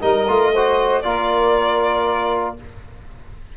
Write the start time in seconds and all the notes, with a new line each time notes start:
0.00 G3 D#4 A#4 D#5
0.28 A3 F4
0.53 F#4 C5
1.02 A#3 F4 A#4 D5